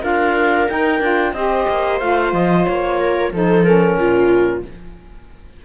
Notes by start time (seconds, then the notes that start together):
0.00 D4 F4 A#4 F5
0.67 D#4 G5
0.99 D4 F4
1.32 C4 G4 C5 D#5
1.69 A#3
1.99 A3 F4 F5
2.32 F3 D#5
2.65 A#3 C#5
2.99 A#4
3.32 F3 D#4 A4 C5
3.63 C#4 A#4
3.96 A#2 F4